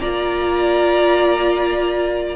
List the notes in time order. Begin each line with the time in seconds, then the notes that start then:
0.00 A#3 F4 D5 A#5